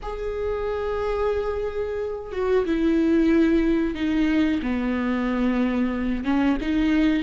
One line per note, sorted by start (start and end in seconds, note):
0.02 2.32 G#4
2.32 2.65 F#4
2.65 3.94 E4
3.94 4.60 D#4
4.62 6.24 B3
6.24 6.57 C#4
6.61 7.23 D#4